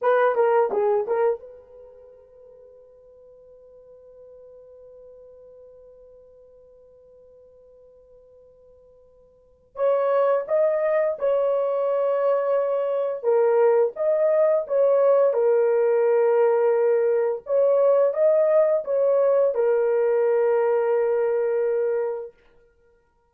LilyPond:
\new Staff \with { instrumentName = "horn" } { \time 4/4 \tempo 4 = 86 b'8 ais'8 gis'8 ais'8 b'2~ | b'1~ | b'1~ | b'2 cis''4 dis''4 |
cis''2. ais'4 | dis''4 cis''4 ais'2~ | ais'4 cis''4 dis''4 cis''4 | ais'1 | }